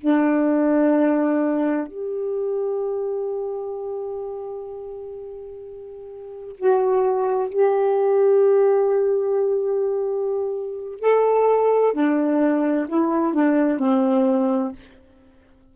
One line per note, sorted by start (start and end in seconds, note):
0.00 1.87 D4
1.87 6.56 G4
6.57 7.49 F#4
7.49 11.00 G4
11.00 11.93 A4
11.93 12.87 D4
12.88 13.33 E4
13.33 13.79 D4
13.79 14.72 C4